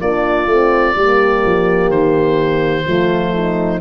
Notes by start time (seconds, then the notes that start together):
0.00 A#3 D4 F4 D5
0.46 A3 C4
0.95 G3 A#3 G4
1.45 F3
1.88 D#3 C5
2.85 F3 A3 F4
3.34 D#4